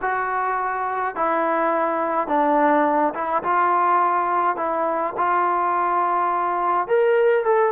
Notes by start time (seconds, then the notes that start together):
0.01 F#4
1.15 E4
2.27 D4
3.14 E4
3.43 F4
4.56 E4
5.17 F4
6.87 A#4
7.44 A4